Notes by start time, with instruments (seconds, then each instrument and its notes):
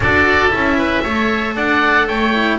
0.00 double bass D4, cello F#4, oboe A4 D5
0.49 double bass C#4, cello E4, oboe E5
0.77 oboe B4
1.02 double bass A3, cello A4, oboe C#5
1.55 double bass D4, oboe D5 F#5
2.07 double bass A3, oboe C#5 G5
2.33 cello E4